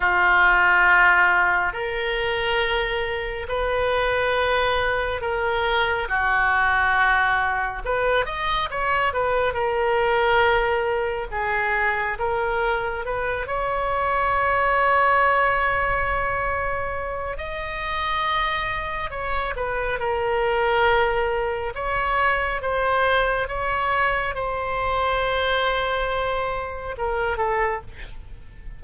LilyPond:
\new Staff \with { instrumentName = "oboe" } { \time 4/4 \tempo 4 = 69 f'2 ais'2 | b'2 ais'4 fis'4~ | fis'4 b'8 dis''8 cis''8 b'8 ais'4~ | ais'4 gis'4 ais'4 b'8 cis''8~ |
cis''1 | dis''2 cis''8 b'8 ais'4~ | ais'4 cis''4 c''4 cis''4 | c''2. ais'8 a'8 | }